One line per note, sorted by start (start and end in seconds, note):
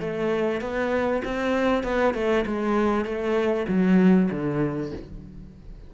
0.00 0.61 A3
0.61 1.22 B3
1.24 1.83 C4
1.83 2.14 B3
2.14 2.45 A3
2.46 3.05 G#3
3.05 3.66 A3
3.68 4.29 F#3
4.31 4.92 D3